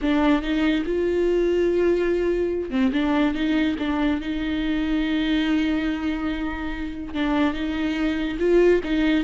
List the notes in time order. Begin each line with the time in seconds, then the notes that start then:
0.01 D4
0.42 D#4
0.85 F4
2.70 C4
2.92 D4
3.34 D#4
3.78 D4
4.21 D#4
7.13 D4
7.53 D#4
8.39 F4
8.83 D#4